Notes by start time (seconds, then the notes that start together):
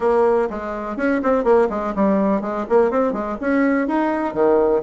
0.00 A#3
0.49 G#3
0.97 C#4
1.22 C4
1.44 A#3
1.69 G#3
1.95 G3
2.41 G#3
2.69 A#3
2.91 C4
3.12 G#3
3.40 C#4
3.87 D#4
4.34 D#3